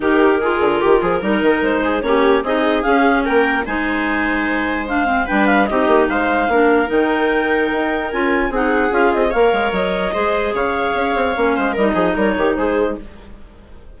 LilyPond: <<
  \new Staff \with { instrumentName = "clarinet" } { \time 4/4 \tempo 4 = 148 ais'1 | c''4 cis''4 dis''4 f''4 | g''4 gis''2. | f''4 g''8 f''8 dis''4 f''4~ |
f''4 g''2. | gis''4 fis''4 f''8 dis''8 f''4 | dis''2 f''2~ | f''4 dis''4 cis''4 c''4 | }
  \new Staff \with { instrumentName = "viola" } { \time 4/4 g'4 gis'4 g'8 gis'8 ais'4~ | ais'8 gis'8 g'4 gis'2 | ais'4 c''2.~ | c''4 b'4 g'4 c''4 |
ais'1~ | ais'4 gis'2 cis''4~ | cis''4 c''4 cis''2~ | cis''8 c''8 ais'8 gis'8 ais'8 g'8 gis'4 | }
  \new Staff \with { instrumentName = "clarinet" } { \time 4/4 dis'4 f'2 dis'4~ | dis'4 cis'4 dis'4 cis'4~ | cis'4 dis'2. | d'8 c'8 d'4 dis'2 |
d'4 dis'2. | f'4 dis'4 f'4 ais'4~ | ais'4 gis'2. | cis'4 dis'2. | }
  \new Staff \with { instrumentName = "bassoon" } { \time 4/4 dis4. d8 dis8 f8 g8 dis8 | gis4 ais4 c'4 cis'4 | ais4 gis2.~ | gis4 g4 c'8 ais8 gis4 |
ais4 dis2 dis'4 | cis'4 c'4 cis'8 c'8 ais8 gis8 | fis4 gis4 cis4 cis'8 c'8 | ais8 gis8 g8 f8 g8 dis8 gis4 | }
>>